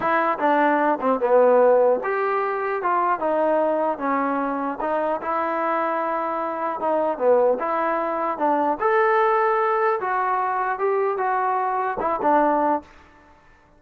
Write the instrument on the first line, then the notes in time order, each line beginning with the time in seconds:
trombone
0.00 E4
0.38 D4
1.00 C4
1.19 B3
2.03 G4
2.82 F4
3.19 D#4
3.98 C#4
4.80 D#4
5.21 E4
6.79 D#4
7.17 B3
7.59 E4
8.38 D4
8.80 A4
10.00 F#4
10.79 G4
11.17 F#4
12.00 E4
12.22 D4